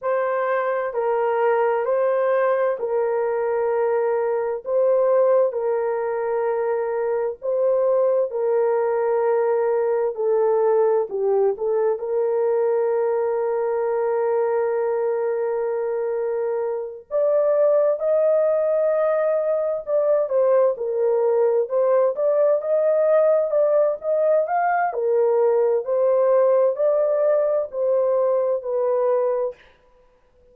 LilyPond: \new Staff \with { instrumentName = "horn" } { \time 4/4 \tempo 4 = 65 c''4 ais'4 c''4 ais'4~ | ais'4 c''4 ais'2 | c''4 ais'2 a'4 | g'8 a'8 ais'2.~ |
ais'2~ ais'8 d''4 dis''8~ | dis''4. d''8 c''8 ais'4 c''8 | d''8 dis''4 d''8 dis''8 f''8 ais'4 | c''4 d''4 c''4 b'4 | }